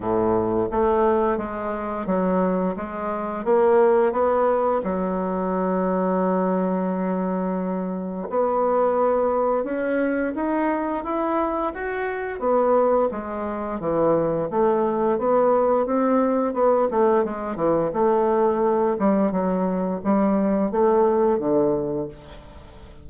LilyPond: \new Staff \with { instrumentName = "bassoon" } { \time 4/4 \tempo 4 = 87 a,4 a4 gis4 fis4 | gis4 ais4 b4 fis4~ | fis1 | b2 cis'4 dis'4 |
e'4 fis'4 b4 gis4 | e4 a4 b4 c'4 | b8 a8 gis8 e8 a4. g8 | fis4 g4 a4 d4 | }